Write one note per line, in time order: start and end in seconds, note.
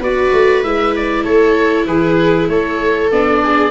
0.00 0.31 B3
0.00 0.64 F#4
0.00 1.24 B4
0.00 0.64 D5
0.33 0.64 A3
0.64 1.25 G#3
0.64 3.11 E4
0.64 0.95 E5
0.96 1.24 D5
1.24 1.86 A3
1.24 1.86 A4
1.24 1.86 C#5
1.86 2.48 E3
1.86 2.50 G#4
1.86 2.48 B4
2.49 3.10 A3
2.49 3.44 A4
2.49 3.11 C#5
3.11 3.71 B3
3.11 3.71 D4
3.11 3.71 D5
3.44 3.71 G#4